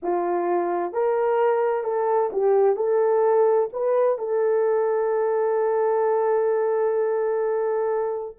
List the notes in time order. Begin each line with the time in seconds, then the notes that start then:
0.02 F4
0.92 A#4
1.83 A4
2.32 G4
2.76 A4
3.72 B4
4.18 A4